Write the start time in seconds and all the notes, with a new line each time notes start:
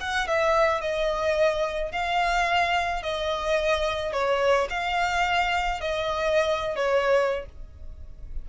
0.00 F#5
0.27 E5
0.81 D#5
1.91 F5
3.03 D#5
4.12 C#5
4.69 F5
5.80 D#5
6.76 C#5